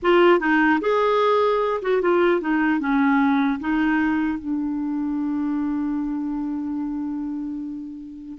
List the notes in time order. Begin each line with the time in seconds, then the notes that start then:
0.02 F4
0.39 D#4
0.80 G#4
1.82 F#4
2.01 F4
2.40 D#4
2.79 C#4
3.59 D#4
4.39 D4